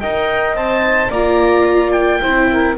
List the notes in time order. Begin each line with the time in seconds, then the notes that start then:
0.00 D#4 A#4 D#5 G5
0.54 C4 C5 A5
1.08 A#3 F4 D5 A#5
1.92 G5
2.21 C4 E4 C5
2.51 A#4